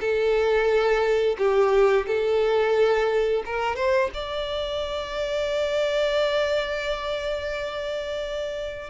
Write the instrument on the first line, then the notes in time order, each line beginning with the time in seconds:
violin
0.00 A4
1.38 G4
2.07 A4
3.46 A#4
3.76 C5
4.14 D5